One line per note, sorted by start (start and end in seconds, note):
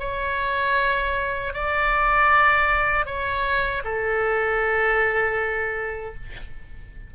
0.00 1.54 C#5
1.54 3.06 D5
3.06 3.83 C#5
3.85 6.15 A4